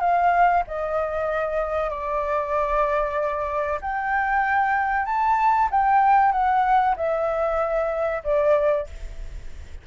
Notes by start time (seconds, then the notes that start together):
0.00 F5
0.67 D#5
1.90 D5
3.82 G5
5.06 A5
5.71 G5
6.32 F#5
6.97 E5
8.24 D5